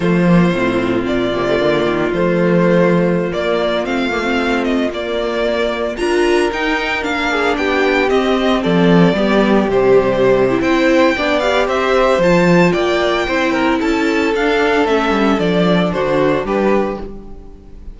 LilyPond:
<<
  \new Staff \with { instrumentName = "violin" } { \time 4/4 \tempo 4 = 113 c''2 d''2 | c''2~ c''16 d''4 f''8.~ | f''8. dis''8 d''2 ais''8.~ | ais''16 g''4 f''4 g''4 dis''8.~ |
dis''16 d''2 c''4.~ c''16 | g''4. f''8 e''4 a''4 | g''2 a''4 f''4 | e''4 d''4 c''4 b'4 | }
  \new Staff \with { instrumentName = "violin" } { \time 4/4 f'1~ | f'1~ | f'2.~ f'16 ais'8.~ | ais'4.~ ais'16 gis'8 g'4.~ g'16~ |
g'16 a'4 g'2~ g'8. | c''4 d''4 c''2 | d''4 c''8 ais'8 a'2~ | a'2 fis'4 g'4 | }
  \new Staff \with { instrumentName = "viola" } { \time 4/4 a8 ais8 c'4. ais16 a16 ais4 | a2~ a16 ais4 c'8 ais16 | c'4~ c'16 ais2 f'8.~ | f'16 dis'4 d'2 c'8.~ |
c'4~ c'16 b4 g4. e'16~ | e'4 d'8 g'4. f'4~ | f'4 e'2 d'4 | cis'4 d'2. | }
  \new Staff \with { instrumentName = "cello" } { \time 4/4 f4 a,4 ais,8 c8 d8 dis8 | f2~ f16 ais4 a8.~ | a4~ a16 ais2 d'8.~ | d'16 dis'4 ais4 b4 c'8.~ |
c'16 f4 g4 c4.~ c16 | c'4 b4 c'4 f4 | ais4 c'4 cis'4 d'4 | a8 g8 f4 d4 g4 | }
>>